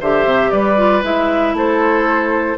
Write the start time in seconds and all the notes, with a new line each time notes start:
0.00 D3 G4 C5 E5
0.25 C3
0.51 G3 B4 D5
0.76 F4
1.03 G#3 E4 E5
1.53 A3 A4 C5